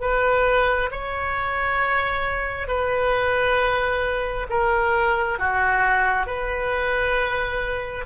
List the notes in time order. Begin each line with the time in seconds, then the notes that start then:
0.00 B4
0.91 C#5
2.67 B4
4.49 A#4
5.39 F#4
6.26 B4